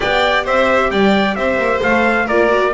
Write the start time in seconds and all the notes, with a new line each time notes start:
0.00 B3 G4 D5 G5
0.44 C4 C5 E5
0.90 G3 D5 G5
1.35 C4 C5 E5
1.57 A#3
1.82 A3 A4 F5
2.25 A#3 F4 A#4 D5
2.48 F#4